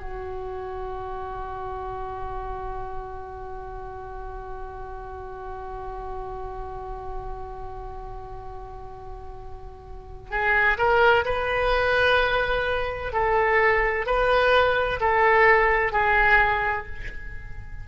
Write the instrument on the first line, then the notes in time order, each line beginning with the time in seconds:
oboe
0.00 F#4
10.31 G#4
10.78 A#4
11.25 B4
13.13 A4
14.06 B4
15.00 A4
15.92 G#4